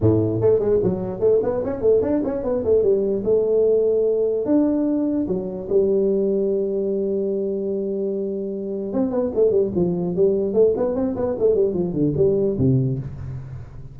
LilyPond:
\new Staff \with { instrumentName = "tuba" } { \time 4/4 \tempo 4 = 148 a,4 a8 gis8 fis4 a8 b8 | cis'8 a8 d'8 cis'8 b8 a8 g4 | a2. d'4~ | d'4 fis4 g2~ |
g1~ | g2 c'8 b8 a8 g8 | f4 g4 a8 b8 c'8 b8 | a8 g8 f8 d8 g4 c4 | }